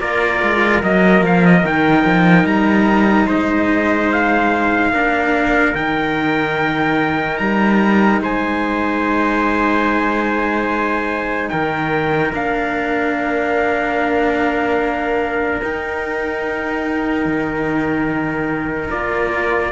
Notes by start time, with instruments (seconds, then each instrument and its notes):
0.00 cello A#3 F4, trumpet A#4 D5
0.42 cello G#3
0.83 cello F#3 A#3, trumpet D#5
1.22 cello F3, trumpet F5
1.46 trumpet D#5
1.63 cello D#3 D#4, trumpet G5
2.04 cello F3
2.44 cello G3, trumpet A#5
3.26 cello G#3, trumpet C5 D#5
4.12 trumpet F5
4.91 cello A#3 D4, trumpet A#4
5.74 cello D#3 D#4, trumpet G5
7.37 cello G3, trumpet A#5
8.20 cello G#3, trumpet C5 G#5
11.49 cello D#3, trumpet A#4 G5
12.32 cello A#3 D4, trumpet F5
15.61 cello D#4, trumpet G5
17.25 cello D#3
18.90 cello A#3 F4, trumpet D5